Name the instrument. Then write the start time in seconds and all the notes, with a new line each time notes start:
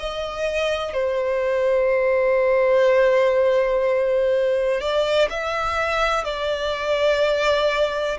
violin
0.00 D#5
0.94 C5
4.81 D5
5.30 E5
6.25 D5